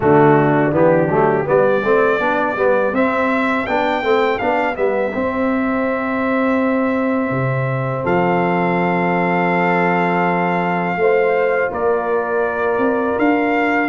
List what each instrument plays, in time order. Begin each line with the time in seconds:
0.00 tuba D3, trombone A3, horn D4, trumpet F#4
0.71 tuba E3, trombone B3, trumpet G4
1.08 tuba F#3, trombone A3
1.45 tuba G3, trombone B3, horn G4, trumpet D5
1.83 tuba A3, trombone C4
2.19 tuba B3, trombone D4
2.56 tuba G3, trombone B3
2.92 tuba C4, trombone C4, trumpet E5
3.66 tuba B3, trombone D4, trumpet G5
4.03 tuba A3, trombone C4
4.38 tuba B3, trombone D4, trumpet F5
4.75 tuba G3, trombone B3, trumpet E5
5.13 trombone C4, tuba C4
7.30 tuba C3
8.04 tuba F3, horn A4, trumpet F5
10.96 tuba A3, trombone F4, horn C5
11.71 tuba A#3, horn A#4, trumpet D5
12.77 tuba C4
13.18 tuba D4, trumpet F5